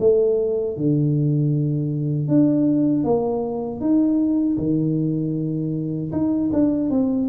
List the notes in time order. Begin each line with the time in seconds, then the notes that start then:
0.00 A3
0.77 D3
2.28 D4
3.04 A#3
3.80 D#4
4.58 D#3
6.12 D#4
6.53 D4
6.91 C4